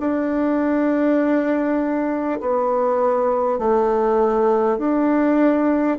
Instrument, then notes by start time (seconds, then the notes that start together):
bassoon
0.00 D4
2.40 B3
3.58 A3
4.78 D4